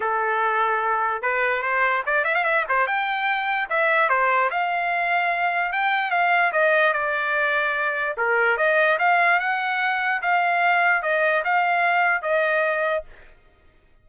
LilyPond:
\new Staff \with { instrumentName = "trumpet" } { \time 4/4 \tempo 4 = 147 a'2. b'4 | c''4 d''8 e''16 f''16 e''8 c''8 g''4~ | g''4 e''4 c''4 f''4~ | f''2 g''4 f''4 |
dis''4 d''2. | ais'4 dis''4 f''4 fis''4~ | fis''4 f''2 dis''4 | f''2 dis''2 | }